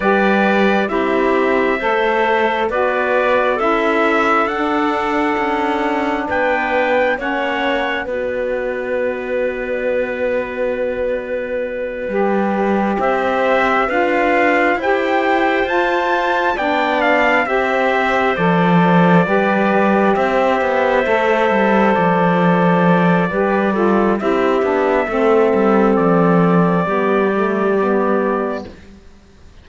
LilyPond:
<<
  \new Staff \with { instrumentName = "trumpet" } { \time 4/4 \tempo 4 = 67 d''4 e''2 d''4 | e''4 fis''2 g''4 | fis''4 d''2.~ | d''2~ d''8 e''4 f''8~ |
f''8 g''4 a''4 g''8 f''8 e''8~ | e''8 d''2 e''4.~ | e''8 d''2~ d''8 e''4~ | e''4 d''2. | }
  \new Staff \with { instrumentName = "clarinet" } { \time 4/4 b'4 g'4 c''4 b'4 | a'2. b'4 | cis''4 b'2.~ | b'2~ b'8 c''4 b'8~ |
b'8 c''2 d''4 c''8~ | c''4. b'4 c''4.~ | c''2 b'8 a'8 g'4 | a'2 g'2 | }
  \new Staff \with { instrumentName = "saxophone" } { \time 4/4 g'4 e'4 a'4 fis'4 | e'4 d'2. | cis'4 fis'2.~ | fis'4. g'2 f'8~ |
f'8 g'4 f'4 d'4 g'8~ | g'8 a'4 g'2 a'8~ | a'2 g'8 f'8 e'8 d'8 | c'2 b8 a8 b4 | }
  \new Staff \with { instrumentName = "cello" } { \time 4/4 g4 c'4 a4 b4 | cis'4 d'4 cis'4 b4 | ais4 b2.~ | b4. g4 c'4 d'8~ |
d'8 e'4 f'4 b4 c'8~ | c'8 f4 g4 c'8 b8 a8 | g8 f4. g4 c'8 b8 | a8 g8 f4 g2 | }
>>